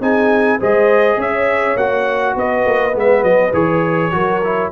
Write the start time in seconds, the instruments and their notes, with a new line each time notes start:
0.00 tuba C4, trombone D#4, horn G#4, trumpet G#5
0.58 tuba G#3, trombone G#4, horn C5, trumpet D#5
1.17 tuba C#4, horn C#5, trumpet E5
1.76 tuba A#3, trombone F#4, trumpet F#5
2.35 tuba B3, horn B4, trumpet D#5
2.65 tuba A#3
2.92 tuba G#3, trombone B3
2.99 trumpet E5
3.23 tuba F#3, trumpet D#5
3.53 tuba E3, trombone G#4, trumpet C#5
4.11 tuba F#3, trombone F#4, horn A#4
4.44 trombone E4